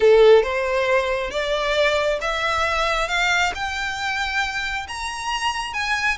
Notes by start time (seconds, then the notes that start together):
0.00 A4
0.43 C5
1.30 D5
2.21 E5
3.08 F5
3.54 G5
4.87 A#5
5.73 G#5